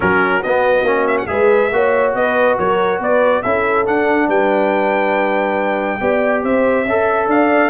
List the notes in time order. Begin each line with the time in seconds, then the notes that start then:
0.00 F#3 C#4 F#4 A#4
0.42 B3 D#5
0.82 A#3 C#4
1.07 E5
1.18 F#5
1.27 G#3 G#4 B4 E5
1.72 A#3 F#4 C#5
2.14 B3 B4 D#5
2.58 F#3 A#4 C#5
2.99 B3 B4 D5
3.42 C#4 E4 A4 E5
3.85 D4 F#5
4.28 G3 B4 G5
6.00 B3 G4 D5
6.43 C4 C5 E5
6.85 C#4 A4 E5
7.27 D4 D5 F5